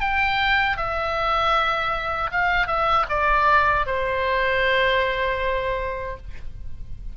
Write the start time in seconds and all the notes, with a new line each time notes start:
0.00 G5
0.77 E5
2.31 F5
2.67 E5
3.09 D5
3.86 C5